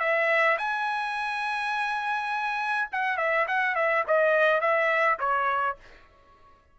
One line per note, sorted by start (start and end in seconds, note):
0.00 0.58 E5
0.58 2.89 G#5
2.92 3.18 F#5
3.18 3.47 E5
3.48 3.76 F#5
3.76 4.05 E5
4.08 4.61 D#5
4.61 5.19 E5
5.20 5.77 C#5